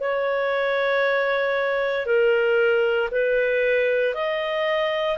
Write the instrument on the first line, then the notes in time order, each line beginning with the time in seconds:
clarinet
0.00 C#5
2.05 A#4
3.11 B4
4.14 D#5